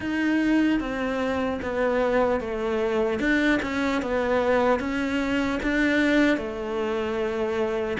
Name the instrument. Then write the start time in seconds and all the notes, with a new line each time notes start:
cello
0.00 D#4
0.80 C4
1.61 B3
2.40 A3
3.19 D4
3.62 C#4
4.01 B3
4.79 C#4
5.63 D4
6.37 A3